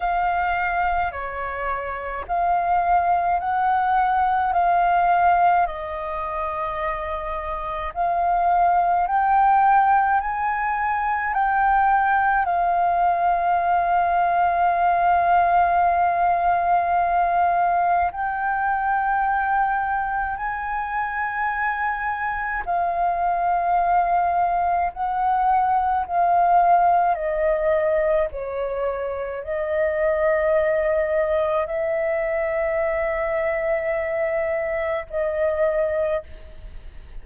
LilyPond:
\new Staff \with { instrumentName = "flute" } { \time 4/4 \tempo 4 = 53 f''4 cis''4 f''4 fis''4 | f''4 dis''2 f''4 | g''4 gis''4 g''4 f''4~ | f''1 |
g''2 gis''2 | f''2 fis''4 f''4 | dis''4 cis''4 dis''2 | e''2. dis''4 | }